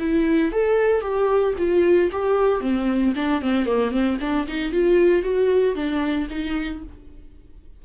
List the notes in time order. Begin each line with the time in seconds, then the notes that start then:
0.00 E4
0.52 A4
1.01 G4
1.58 F4
2.12 G4
2.61 C4
3.16 D4
3.42 C4
3.66 A#3
3.92 C4
4.21 D4
4.48 D#4
4.72 F4
5.23 F#4
5.75 D4
6.30 D#4